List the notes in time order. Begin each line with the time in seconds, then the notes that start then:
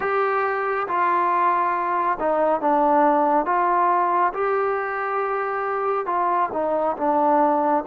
0.00 G4
0.87 F4
2.19 D#4
2.60 D4
3.45 F4
4.33 G4
6.06 F4
6.52 D#4
6.97 D4